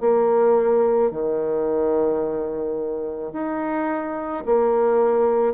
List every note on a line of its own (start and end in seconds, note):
0.00 1.11 A#3
1.11 3.32 D#3
3.32 4.43 D#4
4.45 5.54 A#3